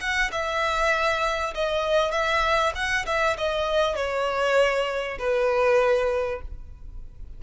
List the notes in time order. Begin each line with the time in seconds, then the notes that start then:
0.00 F#5
0.31 E5
1.54 D#5
2.11 E5
2.75 F#5
3.06 E5
3.37 D#5
3.95 C#5
5.18 B4